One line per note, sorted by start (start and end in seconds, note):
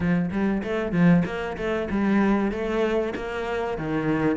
0.00 0.30 F3
0.31 0.62 G3
0.63 0.91 A3
0.91 1.23 F3
1.25 1.56 A#3
1.57 1.88 A3
1.90 2.51 G3
2.51 3.14 A3
3.15 3.78 A#3
3.78 4.36 D#3